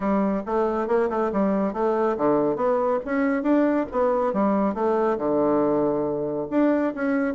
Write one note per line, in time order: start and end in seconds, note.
0.00 0.42 G3
0.45 0.87 A3
0.87 1.09 A#3
1.09 1.31 A3
1.32 1.73 G3
1.73 2.16 A3
2.17 2.56 D3
2.56 2.99 B3
3.05 3.42 C#4
3.42 3.86 D4
3.91 4.33 B3
4.33 4.74 G3
4.74 5.17 A3
5.17 6.47 D3
6.50 6.93 D4
6.94 7.34 C#4